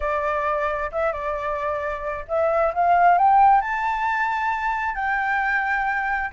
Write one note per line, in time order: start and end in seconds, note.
0.00 0.90 D5
0.92 1.12 E5
1.12 2.25 D5
2.28 2.73 E5
2.74 3.17 F5
3.17 3.61 G5
3.61 4.95 A5
4.95 6.30 G5